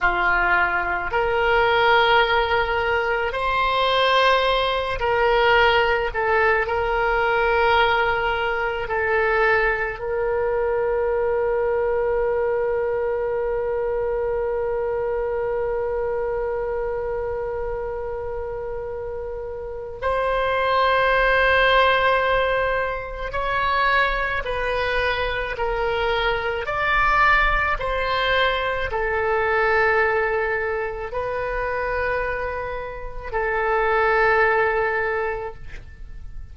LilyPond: \new Staff \with { instrumentName = "oboe" } { \time 4/4 \tempo 4 = 54 f'4 ais'2 c''4~ | c''8 ais'4 a'8 ais'2 | a'4 ais'2.~ | ais'1~ |
ais'2 c''2~ | c''4 cis''4 b'4 ais'4 | d''4 c''4 a'2 | b'2 a'2 | }